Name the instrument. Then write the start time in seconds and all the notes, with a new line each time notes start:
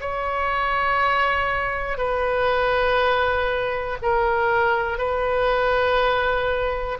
oboe
0.00 C#5
1.97 B4
4.02 A#4
4.98 B4